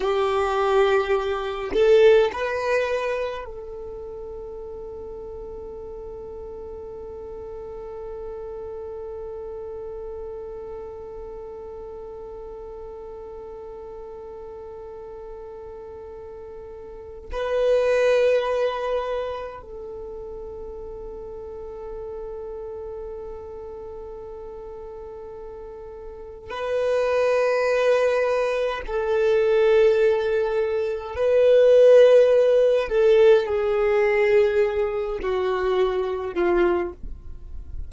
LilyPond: \new Staff \with { instrumentName = "violin" } { \time 4/4 \tempo 4 = 52 g'4. a'8 b'4 a'4~ | a'1~ | a'1~ | a'2. b'4~ |
b'4 a'2.~ | a'2. b'4~ | b'4 a'2 b'4~ | b'8 a'8 gis'4. fis'4 f'8 | }